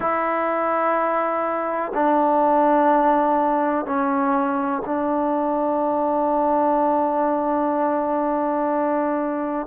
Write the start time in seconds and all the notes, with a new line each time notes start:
0.00 E4
1.94 D4
3.85 C#4
4.85 D4